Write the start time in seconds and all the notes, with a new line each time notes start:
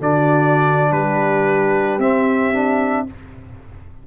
0.00 D3 D4 F#4 D5
0.92 G3 G4 B4
1.99 C4 E5
2.53 D4